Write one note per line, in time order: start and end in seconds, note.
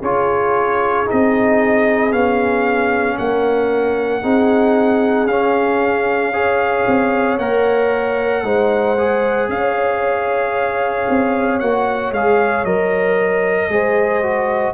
0.00 1.07 C#4
0.00 1.06 F4
0.00 3.16 G#4
0.00 1.09 C#5
1.06 2.12 C4
1.06 2.11 D#4
1.06 2.13 D#5
2.12 3.18 B3
2.12 4.23 C#4
2.12 3.18 F5
3.18 4.24 A#3
3.18 4.23 A#4
3.18 5.28 F#5
4.23 5.27 C4
4.23 5.28 D#4
4.23 6.33 G#4
5.27 6.85 C#4
5.27 6.33 C#4
5.27 7.38 F5
6.33 7.39 G#4
6.33 8.44 C#5
6.87 7.38 C4
7.38 8.44 A#3
7.38 8.45 A#4
7.38 9.50 F#5
8.44 9.49 G#3
8.44 8.97 D#4
8.44 9.51 C5
8.98 11.61 G#4
9.49 11.07 C#4
9.49 13.72 C#5
9.49 11.60 F5
11.09 11.61 C4
11.60 12.12 A#3
11.60 12.14 F#4
11.60 12.12 F#5
12.12 12.64 G#3
12.12 12.66 G#4
12.12 12.65 F5
12.65 13.69 F#3
12.65 13.70 A#4
12.65 14.75 D#5
13.69 14.75 G#3
13.69 14.23 G#4
13.69 14.75 C5
14.23 14.75 F#4